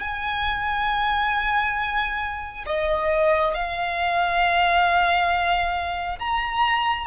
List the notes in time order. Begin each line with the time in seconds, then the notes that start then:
0.00 G#5
2.66 D#5
3.54 F5
6.19 A#5